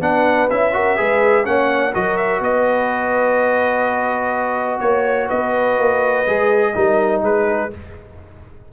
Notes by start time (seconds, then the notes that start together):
0.00 B3 D4 B4 F#5
0.49 C#4 E4 E5
0.72 F#4 A#4
0.96 G#3 G#4 B4
1.44 A#3 C#4 C#5 F#5
1.93 F#3 F#4 A#4 D#5
2.17 E5
2.39 B3 B4 D#5
4.79 A#3 C#5
5.27 B3 B4 D#5
5.78 A#3
6.26 G#3 G#4
6.74 G3 D#4 A#4
7.21 G#3 G#4 B4